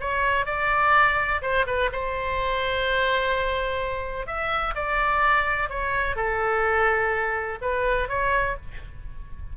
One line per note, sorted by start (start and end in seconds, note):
0.00 0.46 C#5
0.46 1.41 D5
1.42 1.65 C5
1.66 1.90 B4
1.92 4.26 C5
4.26 4.74 E5
4.75 5.69 D5
5.69 6.16 C#5
6.16 7.58 A4
7.61 8.08 B4
8.08 8.56 C#5